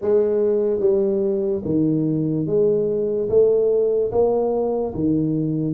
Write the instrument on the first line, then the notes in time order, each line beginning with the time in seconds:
tuba
0.01 G#3
0.80 G3
1.64 D#3
2.46 G#3
3.29 A3
4.11 A#3
4.94 D#3